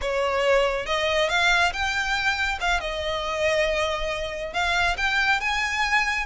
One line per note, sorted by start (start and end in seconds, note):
0.01 0.86 C#5
0.86 1.29 D#5
1.29 1.72 F5
1.72 2.59 G5
2.60 2.80 F5
2.80 4.53 D#5
4.53 4.96 F5
4.97 5.40 G5
5.40 6.26 G#5